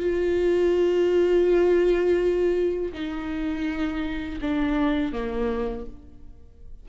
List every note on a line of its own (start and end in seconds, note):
0.00 2.93 F4
2.93 4.40 D#4
4.42 5.13 D4
5.13 5.86 A#3